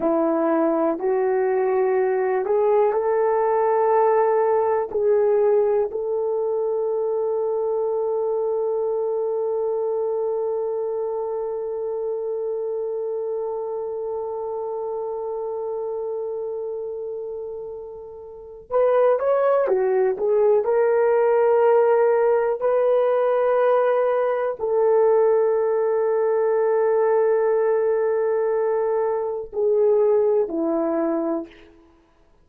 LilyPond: \new Staff \with { instrumentName = "horn" } { \time 4/4 \tempo 4 = 61 e'4 fis'4. gis'8 a'4~ | a'4 gis'4 a'2~ | a'1~ | a'1~ |
a'2. b'8 cis''8 | fis'8 gis'8 ais'2 b'4~ | b'4 a'2.~ | a'2 gis'4 e'4 | }